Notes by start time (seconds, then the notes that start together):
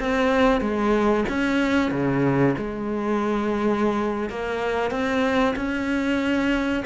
0.00 C4
0.61 G#3
1.29 C#4
1.92 C#3
2.58 G#3
4.30 A#3
4.91 C4
5.56 C#4